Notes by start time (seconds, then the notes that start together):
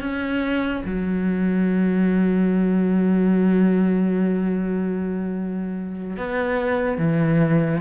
0.00 C#4
0.85 F#3
6.16 B3
6.98 E3